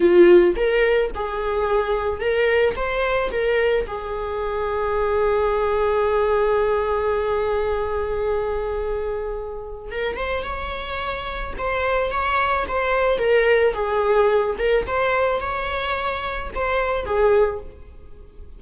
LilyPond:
\new Staff \with { instrumentName = "viola" } { \time 4/4 \tempo 4 = 109 f'4 ais'4 gis'2 | ais'4 c''4 ais'4 gis'4~ | gis'1~ | gis'1~ |
gis'2 ais'8 c''8 cis''4~ | cis''4 c''4 cis''4 c''4 | ais'4 gis'4. ais'8 c''4 | cis''2 c''4 gis'4 | }